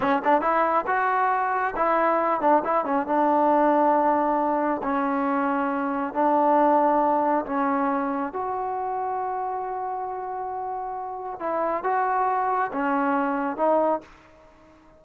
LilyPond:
\new Staff \with { instrumentName = "trombone" } { \time 4/4 \tempo 4 = 137 cis'8 d'8 e'4 fis'2 | e'4. d'8 e'8 cis'8 d'4~ | d'2. cis'4~ | cis'2 d'2~ |
d'4 cis'2 fis'4~ | fis'1~ | fis'2 e'4 fis'4~ | fis'4 cis'2 dis'4 | }